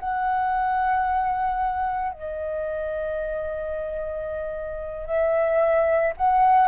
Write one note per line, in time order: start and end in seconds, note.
0.00 2.13 F#5
2.13 5.06 D#5
5.06 6.14 E5
6.18 6.68 F#5